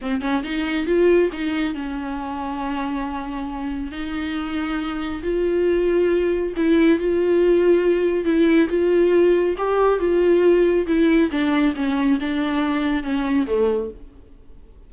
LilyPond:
\new Staff \with { instrumentName = "viola" } { \time 4/4 \tempo 4 = 138 c'8 cis'8 dis'4 f'4 dis'4 | cis'1~ | cis'4 dis'2. | f'2. e'4 |
f'2. e'4 | f'2 g'4 f'4~ | f'4 e'4 d'4 cis'4 | d'2 cis'4 a4 | }